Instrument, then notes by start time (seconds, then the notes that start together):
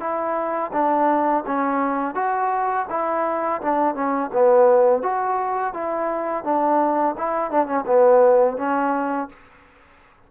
trombone
0.00 E4
0.73 D4
1.46 C#4
2.15 F#4
2.90 E4
3.62 D4
3.95 C#4
4.33 B3
5.03 F#4
5.74 E4
6.44 D4
7.18 E4
7.51 D4
7.67 C#4
7.86 B3
8.57 C#4